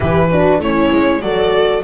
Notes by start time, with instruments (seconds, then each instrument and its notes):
0.00 double bass E3, horn E4, viola G4, violin B4
0.29 horn D4, viola F#4
0.58 double bass A3, horn C#4, viola E4, violin C#5
0.91 double bass G#3
1.21 double bass F#3, horn F#4, viola A4, violin D5